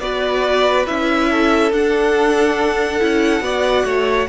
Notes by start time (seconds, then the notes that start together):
0.00 B3 F#4 B4 D5
0.86 C#4 E4 E5
1.30 A4
1.72 D4 F#5
3.00 C#4 E4
3.41 B3 F#4 D5
3.85 A3 C#5